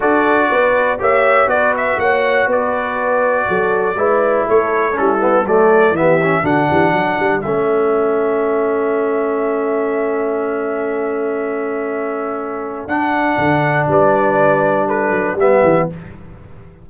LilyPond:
<<
  \new Staff \with { instrumentName = "trumpet" } { \time 4/4 \tempo 4 = 121 d''2 e''4 d''8 e''8 | fis''4 d''2.~ | d''4 cis''4 a'4 d''4 | e''4 fis''2 e''4~ |
e''1~ | e''1~ | e''2 fis''2 | d''2 b'4 e''4 | }
  \new Staff \with { instrumentName = "horn" } { \time 4/4 a'4 b'4 cis''4 b'4 | cis''4 b'2 a'4 | b'4 a'4 e'4 a'4 | g'4 fis'8 g'8 a'2~ |
a'1~ | a'1~ | a'1 | b'2 a'4 g'4 | }
  \new Staff \with { instrumentName = "trombone" } { \time 4/4 fis'2 g'4 fis'4~ | fis'1 | e'2 cis'8 b8 a4 | b8 cis'8 d'2 cis'4~ |
cis'1~ | cis'1~ | cis'2 d'2~ | d'2. b4 | }
  \new Staff \with { instrumentName = "tuba" } { \time 4/4 d'4 b4 ais4 b4 | ais4 b2 fis4 | gis4 a4 g4 fis4 | e4 d8 e8 fis8 g8 a4~ |
a1~ | a1~ | a2 d'4 d4 | g2~ g8 fis8 g8 e8 | }
>>